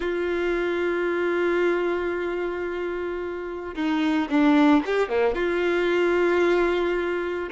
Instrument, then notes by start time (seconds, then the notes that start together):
violin
0.00 F4
3.75 D#4
4.29 D4
4.85 G4
5.08 A#3
5.35 F4